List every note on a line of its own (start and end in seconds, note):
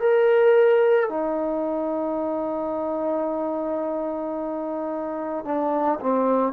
0.00 1.09 A#4
1.10 5.45 D#4
5.45 6.00 D4
6.00 6.53 C4